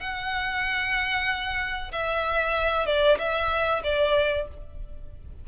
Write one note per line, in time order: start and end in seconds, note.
0.00 1.91 F#5
1.92 2.86 E5
2.86 3.18 D5
3.18 3.82 E5
3.84 4.47 D5